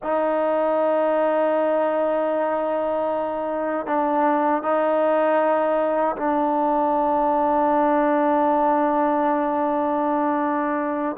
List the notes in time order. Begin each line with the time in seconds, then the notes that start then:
0.02 D#4
3.86 D4
4.62 D#4
6.16 D4